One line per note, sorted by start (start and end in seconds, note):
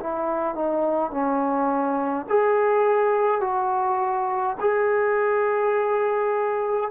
0.00 0.55 E4
0.55 1.11 D#4
1.11 2.26 C#4
2.29 3.40 G#4
3.40 4.56 F#4
4.60 6.90 G#4